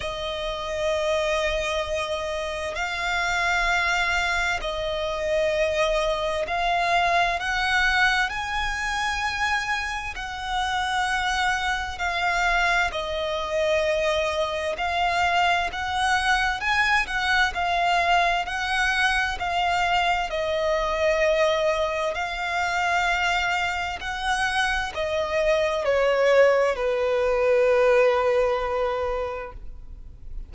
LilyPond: \new Staff \with { instrumentName = "violin" } { \time 4/4 \tempo 4 = 65 dis''2. f''4~ | f''4 dis''2 f''4 | fis''4 gis''2 fis''4~ | fis''4 f''4 dis''2 |
f''4 fis''4 gis''8 fis''8 f''4 | fis''4 f''4 dis''2 | f''2 fis''4 dis''4 | cis''4 b'2. | }